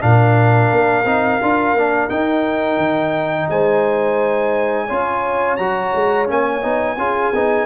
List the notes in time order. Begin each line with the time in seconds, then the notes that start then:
0.00 A#2 D4 A#4 F5
0.72 A#3
1.04 C4 D#4
1.42 D4 F4
1.74 A#3 D4
2.09 D#4 G5
2.77 D#3
3.50 G#3 C5 G#5
4.87 C#4 F4 C#5
5.57 F#3 F#4 A#5
5.94 G#3
6.27 A#3 C#4 G#5
6.62 B3 D#4
6.97 C#4 F4 G#4
7.32 B3 D#4